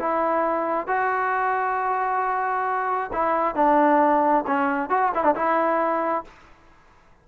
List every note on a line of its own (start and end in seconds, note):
0.00 0.88 E4
0.88 3.11 F#4
3.13 3.56 E4
3.56 4.45 D4
4.47 4.90 C#4
4.90 5.12 F#4
5.15 5.24 E4
5.24 5.35 D4
5.35 6.25 E4